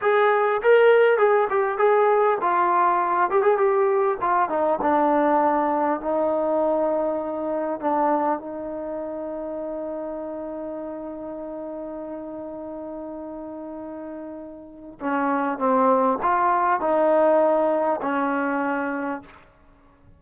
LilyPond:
\new Staff \with { instrumentName = "trombone" } { \time 4/4 \tempo 4 = 100 gis'4 ais'4 gis'8 g'8 gis'4 | f'4. g'16 gis'16 g'4 f'8 dis'8 | d'2 dis'2~ | dis'4 d'4 dis'2~ |
dis'1~ | dis'1~ | dis'4 cis'4 c'4 f'4 | dis'2 cis'2 | }